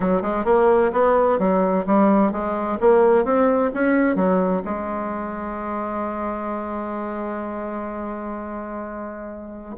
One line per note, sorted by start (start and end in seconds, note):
0.00 0.22 F#3
0.22 0.45 G#3
0.45 0.91 A#3
0.92 1.38 B3
1.38 1.85 F#3
1.86 2.32 G3
2.32 2.78 G#3
2.80 3.24 A#3
3.24 3.71 C4
3.74 4.15 C#4
4.15 4.62 F#3
4.64 9.76 G#3